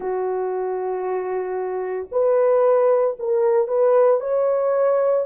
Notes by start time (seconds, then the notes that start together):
0.00 F#4
2.11 B4
3.19 A#4
3.67 B4
4.20 C#5